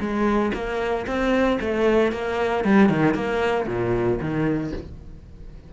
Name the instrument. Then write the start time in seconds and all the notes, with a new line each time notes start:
cello
0.00 G#3
0.54 A#3
1.07 C4
1.61 A3
2.12 A#3
2.65 G3
2.90 D#3
3.14 A#3
3.67 A#2
4.21 D#3